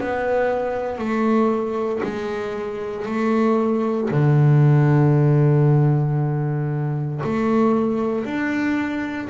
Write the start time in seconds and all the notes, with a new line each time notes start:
0.00 B3
0.98 A3
2.04 G#3
3.06 A3
4.11 D3
7.24 A3
8.25 D4